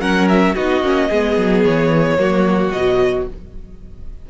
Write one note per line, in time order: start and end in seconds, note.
0.00 0.55 F#3
0.00 0.55 C#4
0.00 0.55 A#4
0.00 0.28 F#5
0.29 0.55 E5
0.55 0.82 B3
0.55 0.83 D#4
0.55 1.09 F#4
0.55 1.65 D#5
0.82 1.10 A#3
0.82 1.11 C#4
1.09 1.37 G#3
1.09 2.19 B3
1.09 2.18 G#4
1.37 1.65 F#3
1.65 2.18 E3
1.65 2.71 C#5
2.18 2.72 F#3
2.18 2.73 A#3
2.18 3.29 F#4
2.71 3.28 B2
2.71 3.30 F#3
2.71 3.26 D#5